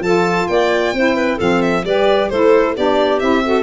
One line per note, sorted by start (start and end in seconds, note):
0.00 0.45 F3
0.00 0.95 F4
0.00 0.49 A4
0.00 0.48 A5
0.48 0.93 A#3
0.48 0.95 D5
0.48 1.38 G5
0.93 1.39 C4
0.93 1.39 E4
0.93 1.16 C5
1.16 1.37 B4
1.37 1.84 F3
1.37 1.85 C4
1.37 1.83 A4
1.37 1.62 F5
1.62 1.85 E5
1.84 2.30 G3
1.84 2.32 G4
1.84 2.30 B4
1.84 2.30 D5
2.30 2.77 A3
2.30 2.77 E4
2.30 2.76 A4
2.30 2.75 C5
2.77 3.22 B3
2.77 3.21 D4
2.77 3.45 G4
2.77 3.19 D5
3.19 3.63 C4
3.19 3.44 E4
3.19 3.63 E5
3.45 3.63 F#4
3.45 3.63 A4